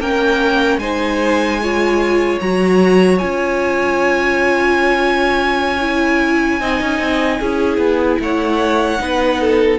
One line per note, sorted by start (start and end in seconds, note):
0.00 0.78 A#3
0.00 0.81 C#4
0.00 0.80 A#4
0.00 0.79 G5
0.78 2.38 G#3
0.78 1.61 D#4
0.78 1.61 C5
0.78 2.39 G#5
1.63 2.41 F4
1.63 6.61 C#5
2.41 3.21 F#3
2.41 3.20 F#4
2.41 3.19 A#5
3.19 6.61 C#4
3.19 5.80 F4
3.19 8.19 G#5
5.81 6.61 E4
6.61 6.81 C4
6.61 7.41 D#4
6.61 7.40 D#5
6.81 7.00 C#4
7.00 7.40 C4
7.40 7.78 C#4
7.40 8.99 E4
7.40 8.20 G#4
7.78 8.18 B3
8.20 9.00 A3
8.20 9.02 C#5
8.20 9.79 F#5
8.99 9.79 B3
8.99 9.79 D#4
8.99 9.41 B4
9.41 9.79 A4